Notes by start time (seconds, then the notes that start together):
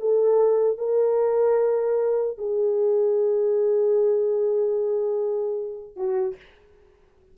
0.00 A4
0.78 A#4
2.38 G#4
5.96 F#4